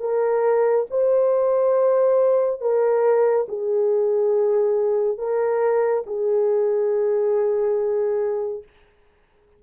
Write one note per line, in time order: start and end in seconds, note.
0.00 0.86 A#4
0.91 2.61 C5
2.61 3.47 A#4
3.49 5.18 G#4
5.18 6.04 A#4
6.07 8.64 G#4